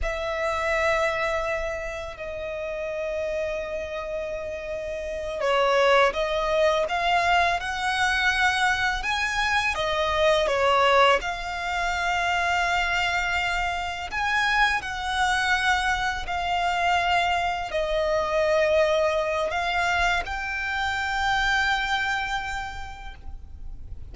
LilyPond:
\new Staff \with { instrumentName = "violin" } { \time 4/4 \tempo 4 = 83 e''2. dis''4~ | dis''2.~ dis''8 cis''8~ | cis''8 dis''4 f''4 fis''4.~ | fis''8 gis''4 dis''4 cis''4 f''8~ |
f''2.~ f''8 gis''8~ | gis''8 fis''2 f''4.~ | f''8 dis''2~ dis''8 f''4 | g''1 | }